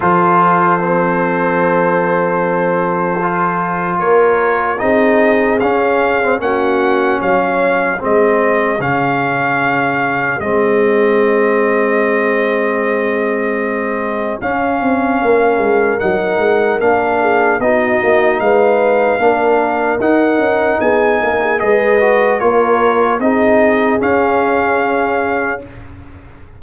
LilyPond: <<
  \new Staff \with { instrumentName = "trumpet" } { \time 4/4 \tempo 4 = 75 c''1~ | c''4 cis''4 dis''4 f''4 | fis''4 f''4 dis''4 f''4~ | f''4 dis''2.~ |
dis''2 f''2 | fis''4 f''4 dis''4 f''4~ | f''4 fis''4 gis''4 dis''4 | cis''4 dis''4 f''2 | }
  \new Staff \with { instrumentName = "horn" } { \time 4/4 a'1~ | a'4 ais'4 gis'2 | fis'4 cis''4 gis'2~ | gis'1~ |
gis'2. ais'4~ | ais'4. gis'8 fis'4 b'4 | ais'2 gis'8 ais'16 gis'16 b'4 | ais'4 gis'2. | }
  \new Staff \with { instrumentName = "trombone" } { \time 4/4 f'4 c'2. | f'2 dis'4 cis'8. c'16 | cis'2 c'4 cis'4~ | cis'4 c'2.~ |
c'2 cis'2 | dis'4 d'4 dis'2 | d'4 dis'2 gis'8 fis'8 | f'4 dis'4 cis'2 | }
  \new Staff \with { instrumentName = "tuba" } { \time 4/4 f1~ | f4 ais4 c'4 cis'4 | ais4 fis4 gis4 cis4~ | cis4 gis2.~ |
gis2 cis'8 c'8 ais8 gis8 | fis8 gis8 ais4 b8 ais8 gis4 | ais4 dis'8 cis'8 b8 ais8 gis4 | ais4 c'4 cis'2 | }
>>